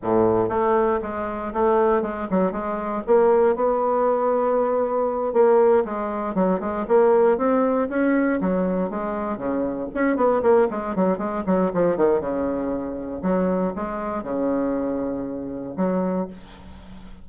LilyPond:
\new Staff \with { instrumentName = "bassoon" } { \time 4/4 \tempo 4 = 118 a,4 a4 gis4 a4 | gis8 fis8 gis4 ais4 b4~ | b2~ b8 ais4 gis8~ | gis8 fis8 gis8 ais4 c'4 cis'8~ |
cis'8 fis4 gis4 cis4 cis'8 | b8 ais8 gis8 fis8 gis8 fis8 f8 dis8 | cis2 fis4 gis4 | cis2. fis4 | }